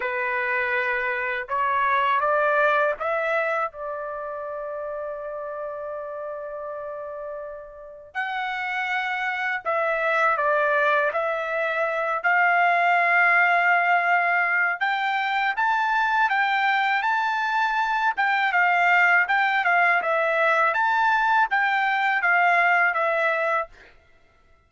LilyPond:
\new Staff \with { instrumentName = "trumpet" } { \time 4/4 \tempo 4 = 81 b'2 cis''4 d''4 | e''4 d''2.~ | d''2. fis''4~ | fis''4 e''4 d''4 e''4~ |
e''8 f''2.~ f''8 | g''4 a''4 g''4 a''4~ | a''8 g''8 f''4 g''8 f''8 e''4 | a''4 g''4 f''4 e''4 | }